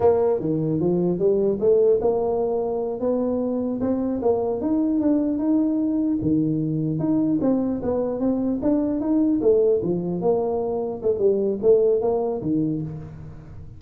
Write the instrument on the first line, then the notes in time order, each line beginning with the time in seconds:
tuba
0.00 A#3
0.39 D#3
0.80 F3
1.18 G3
1.60 A3
2.01 A#3
3.00 B3
3.80 C4
4.21 A#3
4.61 D#4
5.01 D4
5.38 D#4
6.21 D#3
6.99 D#4
7.41 C4
7.82 B3
8.19 C4
8.61 D4
9.00 D#4
9.41 A3
9.82 F3
10.21 A#3
11.02 A3
11.18 G3
11.62 A3
12.01 A#3
12.41 D#3